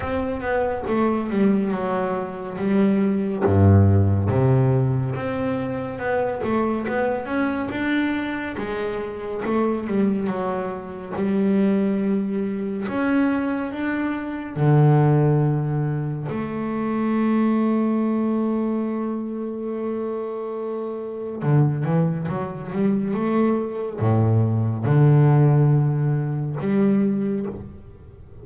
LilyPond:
\new Staff \with { instrumentName = "double bass" } { \time 4/4 \tempo 4 = 70 c'8 b8 a8 g8 fis4 g4 | g,4 c4 c'4 b8 a8 | b8 cis'8 d'4 gis4 a8 g8 | fis4 g2 cis'4 |
d'4 d2 a4~ | a1~ | a4 d8 e8 fis8 g8 a4 | a,4 d2 g4 | }